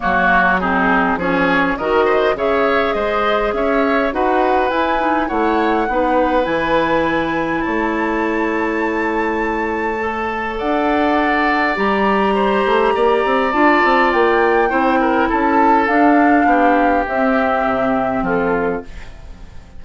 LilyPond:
<<
  \new Staff \with { instrumentName = "flute" } { \time 4/4 \tempo 4 = 102 cis''4 gis'4 cis''4 dis''4 | e''4 dis''4 e''4 fis''4 | gis''4 fis''2 gis''4~ | gis''4 a''2.~ |
a''2 fis''2 | ais''2. a''4 | g''2 a''4 f''4~ | f''4 e''2 a'4 | }
  \new Staff \with { instrumentName = "oboe" } { \time 4/4 fis'4 dis'4 gis'4 ais'8 c''8 | cis''4 c''4 cis''4 b'4~ | b'4 cis''4 b'2~ | b'4 cis''2.~ |
cis''2 d''2~ | d''4 c''4 d''2~ | d''4 c''8 ais'8 a'2 | g'2. f'4 | }
  \new Staff \with { instrumentName = "clarinet" } { \time 4/4 ais4 c'4 cis'4 fis'4 | gis'2. fis'4 | e'8 dis'8 e'4 dis'4 e'4~ | e'1~ |
e'4 a'2. | g'2. f'4~ | f'4 e'2 d'4~ | d'4 c'2. | }
  \new Staff \with { instrumentName = "bassoon" } { \time 4/4 fis2 f4 dis4 | cis4 gis4 cis'4 dis'4 | e'4 a4 b4 e4~ | e4 a2.~ |
a2 d'2 | g4. a8 ais8 c'8 d'8 c'8 | ais4 c'4 cis'4 d'4 | b4 c'4 c4 f4 | }
>>